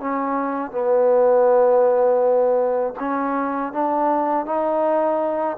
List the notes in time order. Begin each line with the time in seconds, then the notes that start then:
0.00 C#4
0.71 B3
2.99 C#4
3.73 D4
4.46 D#4